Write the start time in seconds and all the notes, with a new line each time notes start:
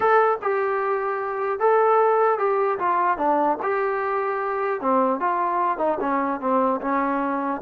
0.00 A4
0.42 G4
1.59 A4
2.38 G4
2.78 F4
3.17 D4
3.62 G4
4.81 C4
5.20 F4
5.77 D#4
6.00 C#4
6.40 C4
6.81 C#4